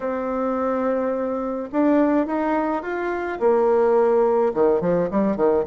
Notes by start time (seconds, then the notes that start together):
0.00 C4
1.72 D4
2.26 D#4
2.82 F4
3.39 A#3
4.54 D#3
4.80 F3
5.10 G3
5.36 D#3